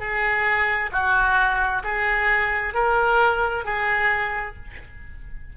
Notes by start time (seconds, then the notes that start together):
0.00 G#4
0.92 F#4
1.84 G#4
2.74 A#4
3.65 G#4